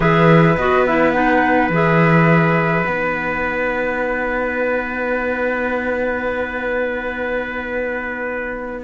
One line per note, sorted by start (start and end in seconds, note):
0.00 0.56 E3
0.00 0.55 G#4
0.00 8.84 B4
0.00 0.56 E5
0.56 1.69 B3
0.56 0.87 F#4
0.56 0.85 D#5
0.86 1.13 E4
0.86 1.11 E5
1.11 1.70 D#4
1.11 1.68 F#5
1.69 2.83 E3
1.69 2.85 G#4
1.69 2.88 E5
2.85 8.84 B3
2.85 8.84 D#4
2.85 8.84 F#5